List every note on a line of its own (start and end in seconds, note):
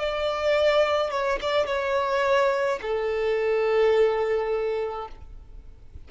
0.00 1.11 D5
1.11 1.39 C#5
1.42 1.66 D5
1.66 2.79 C#5
2.82 5.08 A4